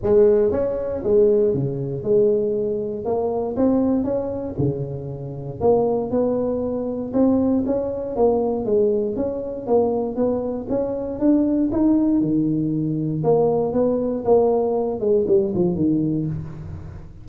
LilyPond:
\new Staff \with { instrumentName = "tuba" } { \time 4/4 \tempo 4 = 118 gis4 cis'4 gis4 cis4 | gis2 ais4 c'4 | cis'4 cis2 ais4 | b2 c'4 cis'4 |
ais4 gis4 cis'4 ais4 | b4 cis'4 d'4 dis'4 | dis2 ais4 b4 | ais4. gis8 g8 f8 dis4 | }